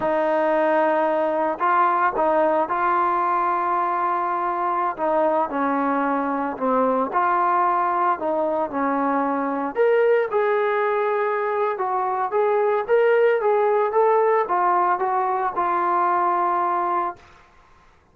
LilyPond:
\new Staff \with { instrumentName = "trombone" } { \time 4/4 \tempo 4 = 112 dis'2. f'4 | dis'4 f'2.~ | f'4~ f'16 dis'4 cis'4.~ cis'16~ | cis'16 c'4 f'2 dis'8.~ |
dis'16 cis'2 ais'4 gis'8.~ | gis'2 fis'4 gis'4 | ais'4 gis'4 a'4 f'4 | fis'4 f'2. | }